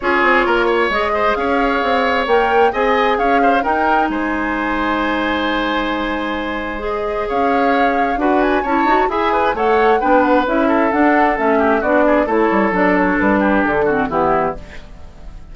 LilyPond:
<<
  \new Staff \with { instrumentName = "flute" } { \time 4/4 \tempo 4 = 132 cis''2 dis''4 f''4~ | f''4 g''4 gis''4 f''4 | g''4 gis''2.~ | gis''2. dis''4 |
f''2 fis''8 gis''8 a''4 | gis''4 fis''4 g''8 fis''8 e''4 | fis''4 e''4 d''4 cis''4 | d''8 cis''8 b'4 a'4 g'4 | }
  \new Staff \with { instrumentName = "oboe" } { \time 4/4 gis'4 ais'8 cis''4 c''8 cis''4~ | cis''2 dis''4 cis''8 c''8 | ais'4 c''2.~ | c''1 |
cis''2 b'4 cis''4 | e''8 b'8 cis''4 b'4. a'8~ | a'4. g'8 fis'8 gis'8 a'4~ | a'4. g'4 fis'8 e'4 | }
  \new Staff \with { instrumentName = "clarinet" } { \time 4/4 f'2 gis'2~ | gis'4 ais'4 gis'2 | dis'1~ | dis'2. gis'4~ |
gis'2 fis'4 e'8 fis'8 | gis'4 a'4 d'4 e'4 | d'4 cis'4 d'4 e'4 | d'2~ d'8 c'8 b4 | }
  \new Staff \with { instrumentName = "bassoon" } { \time 4/4 cis'8 c'8 ais4 gis4 cis'4 | c'4 ais4 c'4 cis'4 | dis'4 gis2.~ | gis1 |
cis'2 d'4 cis'8 dis'8 | e'4 a4 b4 cis'4 | d'4 a4 b4 a8 g8 | fis4 g4 d4 e4 | }
>>